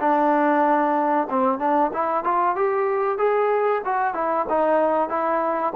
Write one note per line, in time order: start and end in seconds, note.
0.00 1.28 D4
1.30 1.59 C4
1.59 1.91 D4
1.93 2.24 E4
2.24 2.55 F4
2.55 3.18 G4
3.18 3.82 G#4
3.85 4.14 F#4
4.14 4.46 E4
4.49 5.09 D#4
5.09 5.73 E4